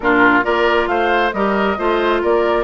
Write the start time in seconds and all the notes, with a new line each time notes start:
0.00 A#2 D4 F4 A#4
0.42 A#3 F4 A#4 D5
0.87 A3 C5 F5
1.32 G3 G4 A#4 D#5
1.77 A3 F4 C5
2.22 A#3 A#4 D5